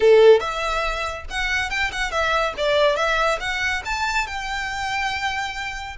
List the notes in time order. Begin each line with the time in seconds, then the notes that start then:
0.00 A4
0.39 E5
1.30 F#5
1.69 G5
1.91 F#5
2.11 E5
2.57 D5
2.96 E5
3.39 F#5
3.85 A5
4.26 G5